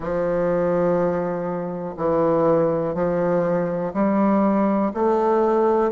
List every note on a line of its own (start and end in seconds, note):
0.00 1.95 F3
1.97 2.94 E3
2.94 3.92 F3
3.93 4.92 G3
4.94 5.92 A3